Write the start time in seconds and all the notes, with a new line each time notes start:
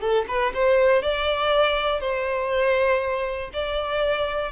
0.00 A4
0.28 B4
0.54 C5
1.02 D5
2.00 C5
3.53 D5